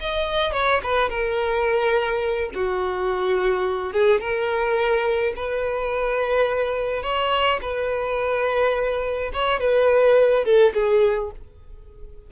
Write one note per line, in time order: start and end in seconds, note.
0.00 0.52 D#5
0.52 0.81 C#5
0.83 1.09 B4
1.09 2.51 A#4
2.54 3.93 F#4
3.93 4.21 G#4
4.21 5.34 A#4
5.36 7.03 B4
7.03 7.60 C#5
7.62 9.32 B4
9.33 9.60 C#5
9.60 10.45 B4
10.45 10.73 A4
10.74 11.31 G#4